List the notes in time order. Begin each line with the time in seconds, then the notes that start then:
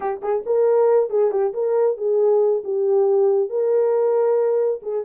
0.00 G4
0.21 G#4
0.46 A#4
1.09 G#4
1.31 G4
1.53 A#4
1.97 G#4
2.64 G4
3.49 A#4
4.82 G#4